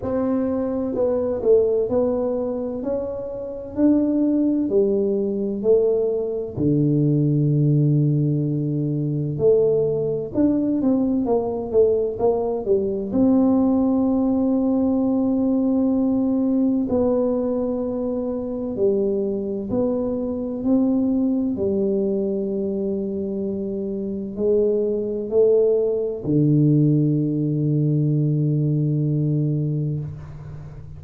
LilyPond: \new Staff \with { instrumentName = "tuba" } { \time 4/4 \tempo 4 = 64 c'4 b8 a8 b4 cis'4 | d'4 g4 a4 d4~ | d2 a4 d'8 c'8 | ais8 a8 ais8 g8 c'2~ |
c'2 b2 | g4 b4 c'4 g4~ | g2 gis4 a4 | d1 | }